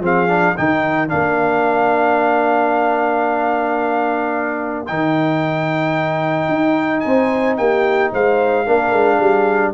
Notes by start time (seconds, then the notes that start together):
0.00 F3 C4 G#4 F5
0.28 D4
0.56 D#3 D#4 A#4 G5
1.08 A#3 D4 F5
4.87 D#3 D#4 G5
6.49 D#4
7.00 C4 C5 G#5
7.57 A#3 G4 G5
8.13 G#3 C5 F5
8.66 A#3 D4 A#4
8.92 G#3
9.18 G3 G#4